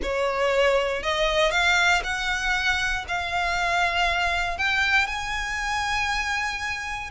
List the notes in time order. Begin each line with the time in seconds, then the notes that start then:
0.02 C#5
1.02 D#5
1.51 F5
2.03 F#5
3.08 F5
4.58 G5
5.07 G#5